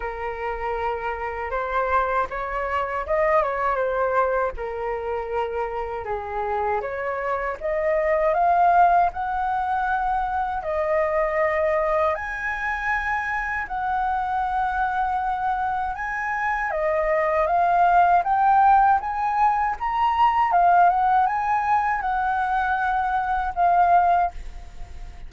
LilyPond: \new Staff \with { instrumentName = "flute" } { \time 4/4 \tempo 4 = 79 ais'2 c''4 cis''4 | dis''8 cis''8 c''4 ais'2 | gis'4 cis''4 dis''4 f''4 | fis''2 dis''2 |
gis''2 fis''2~ | fis''4 gis''4 dis''4 f''4 | g''4 gis''4 ais''4 f''8 fis''8 | gis''4 fis''2 f''4 | }